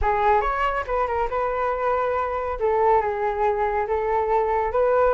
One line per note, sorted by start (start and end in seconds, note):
0.01 0.41 G#4
0.41 0.84 C#5
0.86 1.07 B4
1.07 1.28 A#4
1.30 2.58 B4
2.59 3.01 A4
3.01 3.86 G#4
3.87 4.72 A4
4.72 5.14 B4